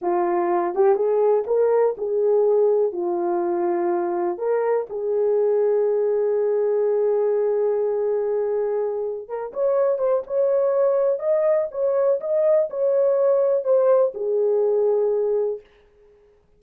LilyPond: \new Staff \with { instrumentName = "horn" } { \time 4/4 \tempo 4 = 123 f'4. g'8 gis'4 ais'4 | gis'2 f'2~ | f'4 ais'4 gis'2~ | gis'1~ |
gis'2. ais'8 cis''8~ | cis''8 c''8 cis''2 dis''4 | cis''4 dis''4 cis''2 | c''4 gis'2. | }